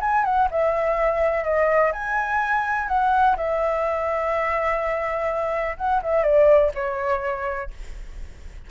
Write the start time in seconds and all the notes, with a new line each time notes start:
0.00 G#5
0.24 F#5
0.50 E5
1.44 D#5
1.92 G#5
2.88 F#5
3.36 E5
5.77 F#5
6.02 E5
6.23 D5
6.74 C#5